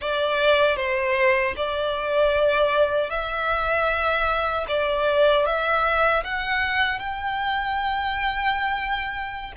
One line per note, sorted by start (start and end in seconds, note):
0.01 0.76 D5
0.76 1.54 C5
1.56 3.10 D5
3.10 4.65 E5
4.68 5.45 D5
5.45 6.23 E5
6.23 6.99 F#5
6.99 9.52 G5